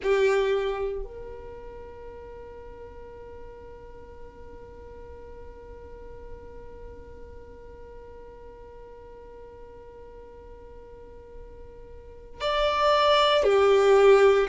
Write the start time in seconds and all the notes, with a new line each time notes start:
0.03 G4
1.03 A#4
12.40 D5
13.43 G4